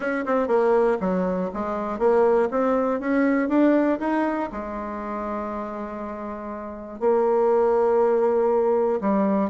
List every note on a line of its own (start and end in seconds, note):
0.00 0.25 C#4
0.25 0.47 C4
0.47 0.97 A#3
1.00 1.50 F#3
1.53 1.99 G#3
1.99 2.49 A#3
2.50 3.00 C4
3.00 3.48 C#4
3.48 3.98 D4
3.99 4.49 D#4
4.52 7.00 G#3
7.00 9.00 A#3
9.00 9.50 G3